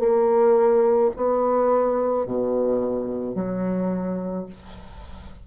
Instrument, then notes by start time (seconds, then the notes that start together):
bassoon
0.00 A#3
1.16 B3
2.26 B2
3.35 F#3